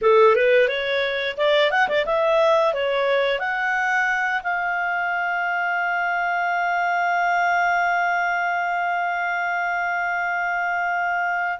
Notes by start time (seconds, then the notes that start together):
0.01 A4
0.35 B4
0.68 C#5
1.37 D5
1.70 F#5
1.88 D5
2.05 E5
2.73 C#5
3.39 F#5
4.43 F5